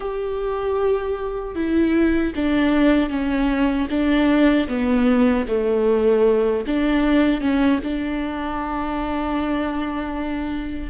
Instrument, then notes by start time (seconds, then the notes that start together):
viola
0.00 G4
1.55 E4
2.35 D4
3.09 C#4
3.90 D4
4.68 B3
5.48 A3
6.66 D4
7.40 C#4
7.83 D4